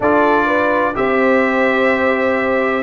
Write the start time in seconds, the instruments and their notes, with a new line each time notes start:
0.00 tuba D4, trombone F4, horn A4, trumpet D5
0.45 horn B4
0.94 tuba C4, trombone G4, horn C5, trumpet E5